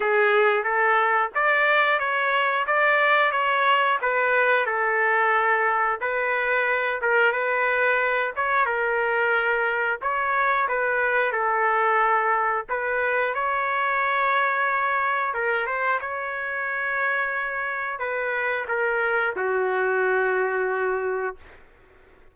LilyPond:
\new Staff \with { instrumentName = "trumpet" } { \time 4/4 \tempo 4 = 90 gis'4 a'4 d''4 cis''4 | d''4 cis''4 b'4 a'4~ | a'4 b'4. ais'8 b'4~ | b'8 cis''8 ais'2 cis''4 |
b'4 a'2 b'4 | cis''2. ais'8 c''8 | cis''2. b'4 | ais'4 fis'2. | }